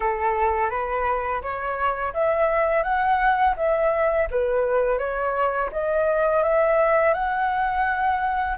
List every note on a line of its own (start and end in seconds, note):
0.00 0.70 A4
0.70 1.41 B4
1.42 2.13 C#5
2.13 2.83 E5
2.83 3.54 F#5
3.56 4.28 E5
4.30 4.98 B4
4.98 5.69 C#5
5.71 6.43 D#5
6.43 7.13 E5
7.13 8.56 F#5